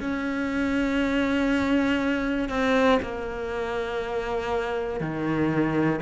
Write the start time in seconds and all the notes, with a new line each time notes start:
0.00 C#4
2.49 C4
3.02 A#3
5.00 D#3